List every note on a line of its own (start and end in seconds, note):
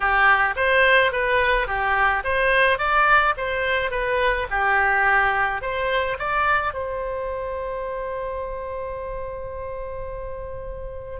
0.00 0.54 G4
0.56 1.11 C5
1.11 1.67 B4
1.67 2.23 G4
2.24 2.78 C5
2.78 3.34 D5
3.37 3.90 C5
3.90 4.47 B4
4.50 5.61 G4
5.61 6.17 C5
6.18 6.73 D5
6.73 11.20 C5